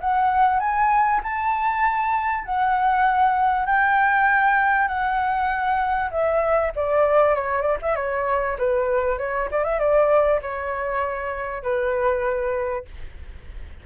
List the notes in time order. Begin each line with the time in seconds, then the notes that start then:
0.00 F#5
0.59 G#5
1.23 A5
2.44 F#5
3.66 G5
4.87 F#5
6.10 E5
6.75 D5
7.34 C#5
7.61 D5
7.82 E5
7.95 C#5
8.58 B4
9.18 C#5
9.51 D5
9.64 E5
9.79 D5
10.41 C#5
11.62 B4